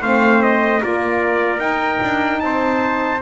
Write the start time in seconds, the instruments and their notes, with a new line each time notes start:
0.00 double bass A3, saxophone C4, trumpet C5 F5
0.42 trumpet D#5
0.80 double bass A#3, saxophone F4, trumpet A#4 D5
1.57 saxophone D#4, double bass D#4, trumpet G5
2.02 double bass D4
2.40 double bass C4, trumpet C5 A5